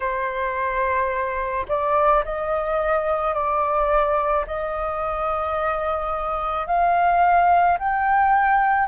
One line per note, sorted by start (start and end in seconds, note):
0.00 1.66 C5
1.68 2.24 D5
2.24 3.34 D#5
3.34 4.45 D5
4.46 6.67 D#5
6.67 7.78 F5
7.78 8.87 G5